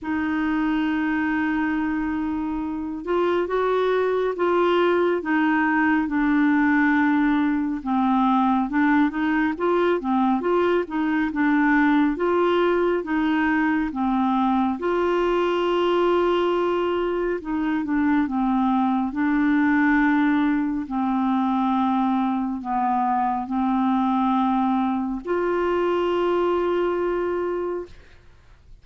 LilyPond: \new Staff \with { instrumentName = "clarinet" } { \time 4/4 \tempo 4 = 69 dis'2.~ dis'8 f'8 | fis'4 f'4 dis'4 d'4~ | d'4 c'4 d'8 dis'8 f'8 c'8 | f'8 dis'8 d'4 f'4 dis'4 |
c'4 f'2. | dis'8 d'8 c'4 d'2 | c'2 b4 c'4~ | c'4 f'2. | }